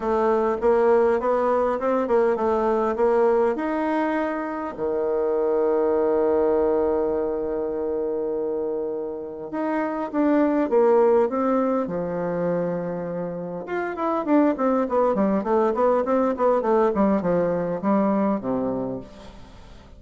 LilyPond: \new Staff \with { instrumentName = "bassoon" } { \time 4/4 \tempo 4 = 101 a4 ais4 b4 c'8 ais8 | a4 ais4 dis'2 | dis1~ | dis1 |
dis'4 d'4 ais4 c'4 | f2. f'8 e'8 | d'8 c'8 b8 g8 a8 b8 c'8 b8 | a8 g8 f4 g4 c4 | }